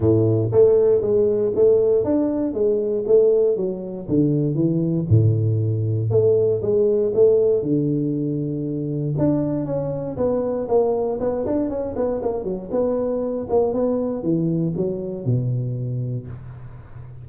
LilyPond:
\new Staff \with { instrumentName = "tuba" } { \time 4/4 \tempo 4 = 118 a,4 a4 gis4 a4 | d'4 gis4 a4 fis4 | d4 e4 a,2 | a4 gis4 a4 d4~ |
d2 d'4 cis'4 | b4 ais4 b8 d'8 cis'8 b8 | ais8 fis8 b4. ais8 b4 | e4 fis4 b,2 | }